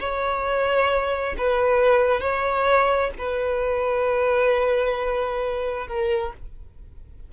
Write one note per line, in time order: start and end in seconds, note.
0.00 1.35 C#5
1.38 2.21 B4
2.21 3.11 C#5
3.18 5.87 B4
5.87 6.33 A#4